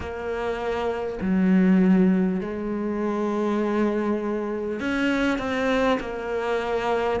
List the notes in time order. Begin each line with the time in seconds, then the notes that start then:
0.00 A#3
1.21 F#3
2.40 G#3
4.79 C#4
5.38 C4
6.00 A#3